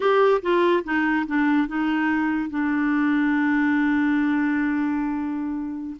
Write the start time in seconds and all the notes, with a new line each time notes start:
0.00 G4
0.41 F4
0.84 D#4
1.26 D4
1.67 D#4
2.49 D4